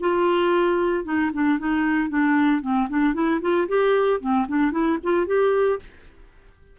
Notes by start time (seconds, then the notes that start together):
0.00 F4
1.05 D#4
1.33 D4
1.59 D#4
2.09 D4
2.61 C4
2.89 D4
3.14 E4
3.41 F4
3.68 G4
4.20 C4
4.48 D4
4.72 E4
5.03 F4
5.26 G4